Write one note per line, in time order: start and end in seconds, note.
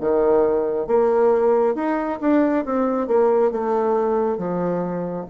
0.00 0.87 D#3
0.87 1.75 A#3
1.75 2.19 D#4
2.21 2.65 D4
2.65 3.08 C4
3.08 3.51 A#3
3.51 4.38 A3
4.38 5.26 F3